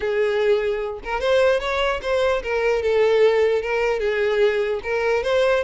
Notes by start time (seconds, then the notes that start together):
0.00 G#4
1.04 A#4
1.20 C5
1.60 C#5
2.02 C5
2.42 A#4
2.82 A4
3.61 A#4
3.99 G#4
4.83 A#4
5.23 C5